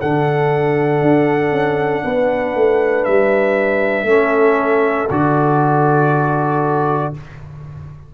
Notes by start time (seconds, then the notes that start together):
0.00 D3 D4 A4 F#5
1.01 D4
1.51 C#4
2.04 B3 B4
2.55 A3
3.04 G3 E5
4.03 A3 C#4 A4
5.10 D3 F#4 D5